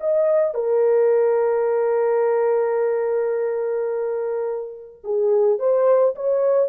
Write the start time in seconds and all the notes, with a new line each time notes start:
0.00 D#5
0.54 A#4
5.04 G#4
5.59 C5
6.15 C#5